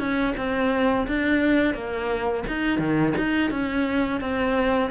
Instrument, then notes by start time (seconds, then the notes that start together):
cello
0.00 C#4
0.38 C4
1.08 D4
1.75 A#3
2.48 D#4
2.79 D#3
3.18 D#4
3.51 C#4
4.21 C4